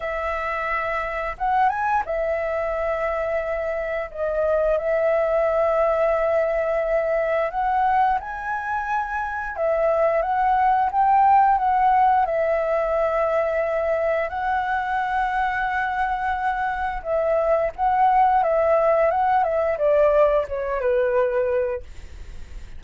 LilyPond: \new Staff \with { instrumentName = "flute" } { \time 4/4 \tempo 4 = 88 e''2 fis''8 gis''8 e''4~ | e''2 dis''4 e''4~ | e''2. fis''4 | gis''2 e''4 fis''4 |
g''4 fis''4 e''2~ | e''4 fis''2.~ | fis''4 e''4 fis''4 e''4 | fis''8 e''8 d''4 cis''8 b'4. | }